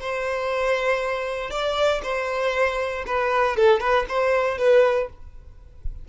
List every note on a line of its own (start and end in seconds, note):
0.00 1.50 C5
1.50 2.01 D5
2.03 3.04 C5
3.06 3.56 B4
3.56 3.80 A4
3.80 4.05 B4
4.08 4.58 C5
4.58 5.09 B4